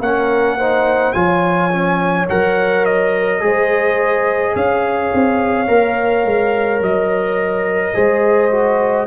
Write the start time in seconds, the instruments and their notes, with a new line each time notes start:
0.00 tuba A#3, trombone C#4, horn A#4, trumpet F#5
0.58 trombone D#4, horn C5
1.13 tuba F3, trombone F4, horn C#5, trumpet G#5
1.72 trombone C#4
2.29 tuba F#3, trombone A#4, trumpet F#5
2.85 trumpet D#5
3.41 tuba G#3, trombone G#4, horn C5
4.55 tuba C#4, horn C#5, trumpet F5
5.14 tuba C4
5.67 tuba A#3, trombone A#4
6.25 tuba G#3
6.81 tuba F#3, trumpet D#5
7.94 tuba G#3, trombone G#4, horn C5
8.51 trombone F#4